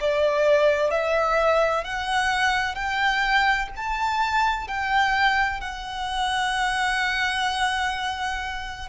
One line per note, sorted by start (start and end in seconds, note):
0.00 0.90 D5
0.90 1.84 E5
1.84 2.75 F#5
2.75 3.69 G5
3.76 4.68 A5
4.68 5.60 G5
5.60 8.88 F#5